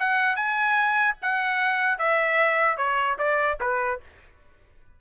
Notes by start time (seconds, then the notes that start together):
0.00 F#5
0.36 G#5
1.22 F#5
1.99 E5
2.77 C#5
3.19 D5
3.61 B4